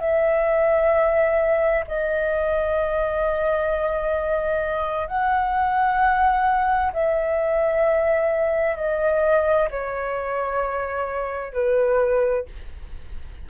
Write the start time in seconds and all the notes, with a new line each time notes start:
0.00 E5
1.88 D#5
5.07 F#5
6.93 E5
8.77 D#5
9.71 C#5
11.53 B4